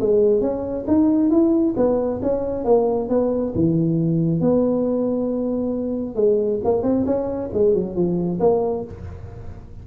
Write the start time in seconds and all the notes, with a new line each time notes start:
0.00 G#3
0.41 C#4
0.87 D#4
1.30 E4
1.77 B3
2.22 C#4
2.65 A#3
3.09 B3
3.55 E3
4.41 B3
6.15 G#3
6.64 A#3
6.83 C4
7.06 C#4
7.53 G#3
7.74 F#3
7.96 F3
8.40 A#3